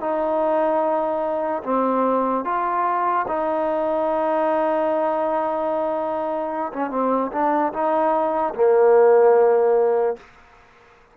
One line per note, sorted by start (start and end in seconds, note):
0.00 1.62 D#4
1.63 2.44 C4
2.44 3.25 F4
3.27 6.72 D#4
6.73 6.90 C#4
6.90 7.30 C4
7.32 7.72 D4
7.72 8.54 D#4
8.54 10.16 A#3